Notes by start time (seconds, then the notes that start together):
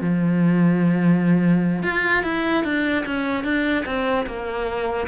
0.00 F3
1.82 F4
2.23 E4
2.64 D4
3.05 C#4
3.43 D4
3.85 C4
4.26 A#3